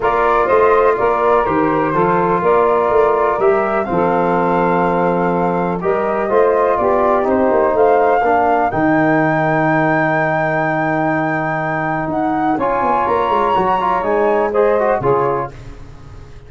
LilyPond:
<<
  \new Staff \with { instrumentName = "flute" } { \time 4/4 \tempo 4 = 124 d''4 dis''4 d''4 c''4~ | c''4 d''2 e''4 | f''1 | dis''2 d''4 c''4 |
f''2 g''2~ | g''1~ | g''4 fis''4 gis''4 ais''4~ | ais''4 gis''4 dis''4 cis''4 | }
  \new Staff \with { instrumentName = "saxophone" } { \time 4/4 ais'4 c''4 ais'2 | a'4 ais'2. | a'1 | ais'4 c''4 g'2 |
c''4 ais'2.~ | ais'1~ | ais'2 cis''2~ | cis''2 c''4 gis'4 | }
  \new Staff \with { instrumentName = "trombone" } { \time 4/4 f'2. g'4 | f'2. g'4 | c'1 | g'4 f'2 dis'4~ |
dis'4 d'4 dis'2~ | dis'1~ | dis'2 f'2 | fis'8 f'8 dis'4 gis'8 fis'8 f'4 | }
  \new Staff \with { instrumentName = "tuba" } { \time 4/4 ais4 a4 ais4 dis4 | f4 ais4 a4 g4 | f1 | g4 a4 b4 c'8 ais8 |
a4 ais4 dis2~ | dis1~ | dis4 dis'4 cis'8 b8 ais8 gis8 | fis4 gis2 cis4 | }
>>